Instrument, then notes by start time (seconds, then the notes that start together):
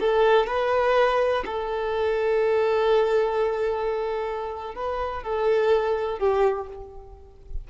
violin
0.00 A4
0.47 B4
1.46 A4
4.75 B4
5.23 A4
6.19 G4